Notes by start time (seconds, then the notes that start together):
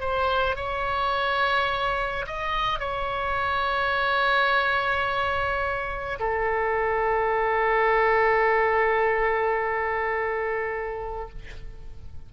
0.00 C5
0.56 C#5
2.26 D#5
2.79 C#5
6.19 A4